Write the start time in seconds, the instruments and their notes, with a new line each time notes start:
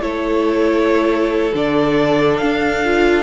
0.00 cello A3, viola E4, violin A4 C#5
1.53 cello D3, viola D4, violin D5
2.37 cello D4, violin F5
2.84 viola F4